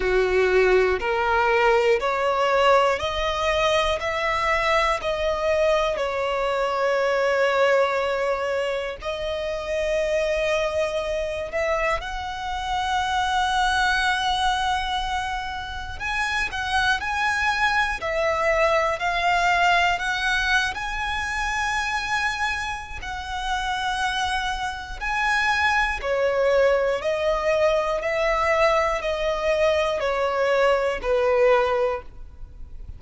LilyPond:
\new Staff \with { instrumentName = "violin" } { \time 4/4 \tempo 4 = 60 fis'4 ais'4 cis''4 dis''4 | e''4 dis''4 cis''2~ | cis''4 dis''2~ dis''8 e''8 | fis''1 |
gis''8 fis''8 gis''4 e''4 f''4 | fis''8. gis''2~ gis''16 fis''4~ | fis''4 gis''4 cis''4 dis''4 | e''4 dis''4 cis''4 b'4 | }